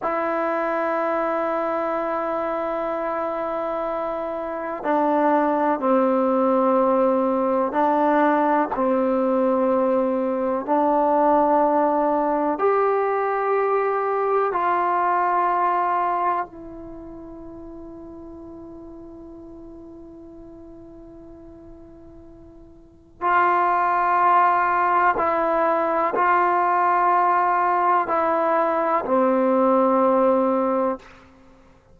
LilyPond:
\new Staff \with { instrumentName = "trombone" } { \time 4/4 \tempo 4 = 62 e'1~ | e'4 d'4 c'2 | d'4 c'2 d'4~ | d'4 g'2 f'4~ |
f'4 e'2.~ | e'1 | f'2 e'4 f'4~ | f'4 e'4 c'2 | }